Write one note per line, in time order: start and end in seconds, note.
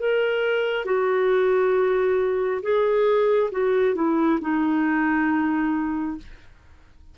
0.00 0.85 A#4
0.85 2.62 F#4
2.63 3.51 G#4
3.52 3.95 F#4
3.95 4.40 E4
4.41 6.18 D#4